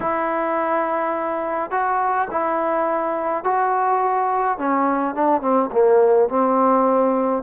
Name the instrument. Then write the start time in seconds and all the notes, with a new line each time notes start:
trombone
0.00 E4
1.71 F#4
2.30 E4
3.44 F#4
4.58 C#4
5.14 D4
5.41 C4
5.72 A#3
6.29 C4